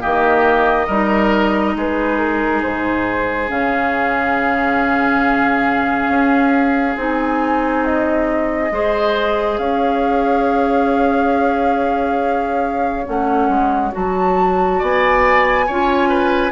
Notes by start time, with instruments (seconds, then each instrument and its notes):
0.00 bassoon D#3, clarinet A#3, oboe G4, flute D#5
0.87 bassoon G3, clarinet D#4, oboe A#4
1.76 bassoon G#3, oboe G#4, flute B4
2.18 flute A#4
2.62 bassoon G#2, flute C5
3.48 bassoon C#3, clarinet C#4, flute F5
6.09 bassoon C#4
6.96 bassoon C4, clarinet D#4, flute G#5
7.85 flute D#5
8.71 bassoon G#3, clarinet G#4, oboe C5
9.58 bassoon C#4, oboe C#5, flute F5
13.05 bassoon A3, clarinet C#4, flute F#5
13.48 bassoon G#3
13.92 bassoon F#3, clarinet F#4, flute A5
14.79 bassoon B3, oboe D5, flute G#5
15.67 bassoon C#4, clarinet F4, oboe C#5
16.09 oboe B4